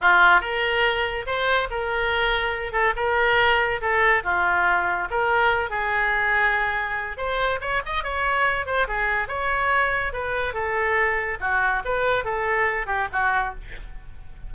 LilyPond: \new Staff \with { instrumentName = "oboe" } { \time 4/4 \tempo 4 = 142 f'4 ais'2 c''4 | ais'2~ ais'8 a'8 ais'4~ | ais'4 a'4 f'2 | ais'4. gis'2~ gis'8~ |
gis'4 c''4 cis''8 dis''8 cis''4~ | cis''8 c''8 gis'4 cis''2 | b'4 a'2 fis'4 | b'4 a'4. g'8 fis'4 | }